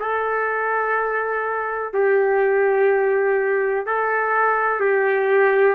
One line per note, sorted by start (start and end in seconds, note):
0.00 1.94 A4
1.94 3.87 G4
3.87 4.80 A4
4.80 5.75 G4